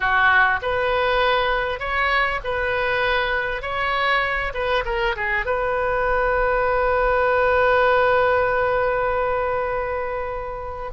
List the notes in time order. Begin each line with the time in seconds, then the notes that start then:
0.00 F#4
0.61 B4
1.79 C#5
2.44 B4
3.61 C#5
4.53 B4
4.85 A#4
5.15 G#4
5.45 B4